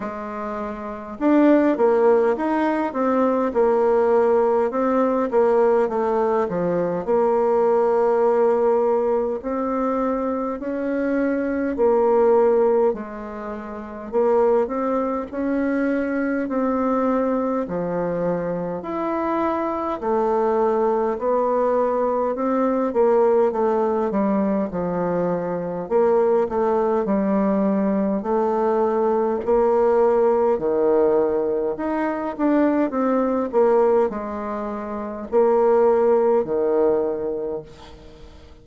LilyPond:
\new Staff \with { instrumentName = "bassoon" } { \time 4/4 \tempo 4 = 51 gis4 d'8 ais8 dis'8 c'8 ais4 | c'8 ais8 a8 f8 ais2 | c'4 cis'4 ais4 gis4 | ais8 c'8 cis'4 c'4 f4 |
e'4 a4 b4 c'8 ais8 | a8 g8 f4 ais8 a8 g4 | a4 ais4 dis4 dis'8 d'8 | c'8 ais8 gis4 ais4 dis4 | }